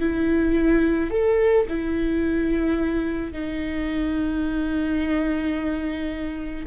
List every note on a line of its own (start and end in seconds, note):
0.00 1.11 E4
1.11 1.66 A4
1.69 3.33 E4
3.33 6.66 D#4